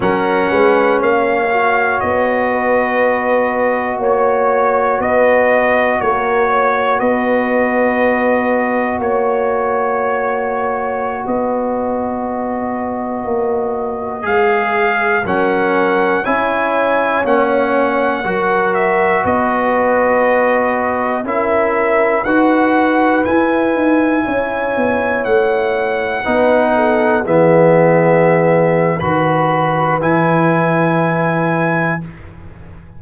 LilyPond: <<
  \new Staff \with { instrumentName = "trumpet" } { \time 4/4 \tempo 4 = 60 fis''4 f''4 dis''2 | cis''4 dis''4 cis''4 dis''4~ | dis''4 cis''2~ cis''16 dis''8.~ | dis''2~ dis''16 f''4 fis''8.~ |
fis''16 gis''4 fis''4. e''8 dis''8.~ | dis''4~ dis''16 e''4 fis''4 gis''8.~ | gis''4~ gis''16 fis''2 e''8.~ | e''4 b''4 gis''2 | }
  \new Staff \with { instrumentName = "horn" } { \time 4/4 ais'8 b'8 cis''4. b'4. | cis''4 b'4 ais'8 cis''8 b'4~ | b'4 cis''2~ cis''16 b'8.~ | b'2.~ b'16 ais'8.~ |
ais'16 cis''2 ais'4 b'8.~ | b'4~ b'16 ais'4 b'4.~ b'16~ | b'16 cis''2 b'8 a'8 gis'8.~ | gis'4 b'2. | }
  \new Staff \with { instrumentName = "trombone" } { \time 4/4 cis'4. fis'2~ fis'8~ | fis'1~ | fis'1~ | fis'2~ fis'16 gis'4 cis'8.~ |
cis'16 e'4 cis'4 fis'4.~ fis'16~ | fis'4~ fis'16 e'4 fis'4 e'8.~ | e'2~ e'16 dis'4 b8.~ | b4 fis'4 e'2 | }
  \new Staff \with { instrumentName = "tuba" } { \time 4/4 fis8 gis8 ais4 b2 | ais4 b4 ais4 b4~ | b4 ais2~ ais16 b8.~ | b4~ b16 ais4 gis4 fis8.~ |
fis16 cis'4 ais4 fis4 b8.~ | b4~ b16 cis'4 dis'4 e'8 dis'16~ | dis'16 cis'8 b8 a4 b4 e8.~ | e4 dis4 e2 | }
>>